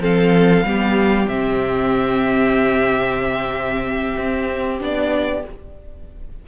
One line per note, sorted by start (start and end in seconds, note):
0.00 0.64 F3
0.00 0.64 C4
0.00 0.66 A4
0.00 1.28 F5
0.64 1.28 G3
0.64 1.30 B3
0.64 5.46 G4
1.28 4.16 C3
1.28 4.79 C4
1.28 4.80 E5
4.18 4.81 C4
4.79 5.45 B3
4.79 5.43 D4
4.79 5.48 D5